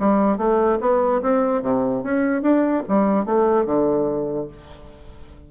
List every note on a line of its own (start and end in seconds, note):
0.00 0.38 G3
0.38 0.79 A3
0.81 1.22 B3
1.23 1.63 C4
1.63 2.04 C3
2.04 2.43 C#4
2.43 2.84 D4
2.89 3.26 G3
3.26 3.66 A3
3.66 4.48 D3